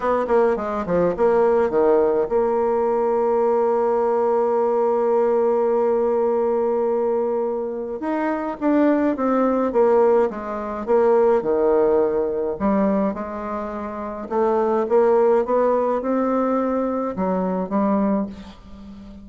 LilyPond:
\new Staff \with { instrumentName = "bassoon" } { \time 4/4 \tempo 4 = 105 b8 ais8 gis8 f8 ais4 dis4 | ais1~ | ais1~ | ais2 dis'4 d'4 |
c'4 ais4 gis4 ais4 | dis2 g4 gis4~ | gis4 a4 ais4 b4 | c'2 fis4 g4 | }